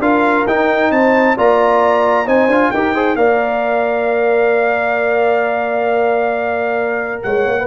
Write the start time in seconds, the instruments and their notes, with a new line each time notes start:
0.00 tuba D4, trombone F4, horn A#4, trumpet F5
0.47 tuba D#4, trombone D#4, trumpet G5
0.91 tuba C4, horn C5, trumpet A5
1.37 tuba A#3, trombone F4, horn D5, trumpet A#5
2.26 tuba C4, trombone D#4, horn C5, trumpet G#5
2.48 tuba D4, trombone F4
2.71 tuba D#4, trombone G4, horn A#4, trumpet G5
2.94 trombone G#4, horn C5
3.16 tuba A#3, trombone A#4, horn D5, trumpet F5
7.23 tuba G#3, horn C#5, trumpet F#5
7.46 tuba A#3
7.60 horn B4